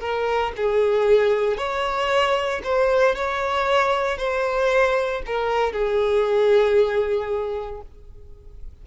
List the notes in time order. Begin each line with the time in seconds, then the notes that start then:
0.00 A#4
0.57 G#4
1.57 C#5
2.64 C5
3.15 C#5
4.18 C5
5.26 A#4
5.72 G#4